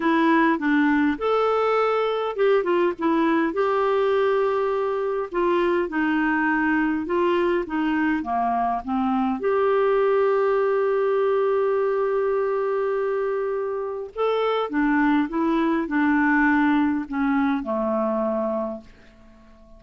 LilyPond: \new Staff \with { instrumentName = "clarinet" } { \time 4/4 \tempo 4 = 102 e'4 d'4 a'2 | g'8 f'8 e'4 g'2~ | g'4 f'4 dis'2 | f'4 dis'4 ais4 c'4 |
g'1~ | g'1 | a'4 d'4 e'4 d'4~ | d'4 cis'4 a2 | }